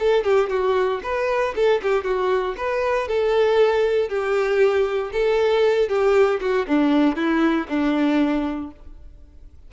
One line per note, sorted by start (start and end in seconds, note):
0.00 0.24 A4
0.24 0.50 G4
0.50 1.01 F#4
1.03 1.55 B4
1.56 1.82 A4
1.83 2.04 G4
2.04 2.55 F#4
2.58 3.08 B4
3.08 4.09 A4
4.09 5.11 G4
5.13 5.89 A4
5.89 6.40 G4
6.41 6.67 F#4
6.68 7.16 D4
7.16 7.68 E4
7.69 8.72 D4